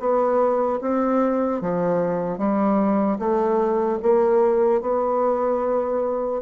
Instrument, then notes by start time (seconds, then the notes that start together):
bassoon
0.00 B3
0.81 C4
1.62 F3
2.38 G3
3.19 A3
4.03 A#3
4.82 B3